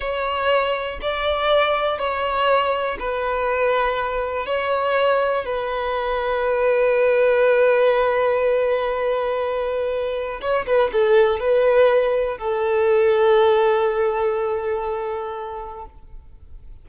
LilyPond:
\new Staff \with { instrumentName = "violin" } { \time 4/4 \tempo 4 = 121 cis''2 d''2 | cis''2 b'2~ | b'4 cis''2 b'4~ | b'1~ |
b'1~ | b'4 cis''8 b'8 a'4 b'4~ | b'4 a'2.~ | a'1 | }